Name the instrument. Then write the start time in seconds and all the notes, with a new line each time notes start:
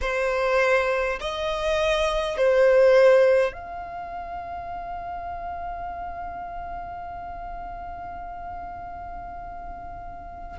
violin
0.01 C5
1.20 D#5
2.37 C5
3.52 F5